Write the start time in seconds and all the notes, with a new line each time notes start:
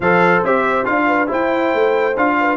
0.00 F3 A4 C5 F5
0.43 C4 G4 E5
0.84 D4 F4 F5
1.07 B4
1.27 E4 C5 G5
1.74 A3
2.16 D4 F4 F5
2.39 B4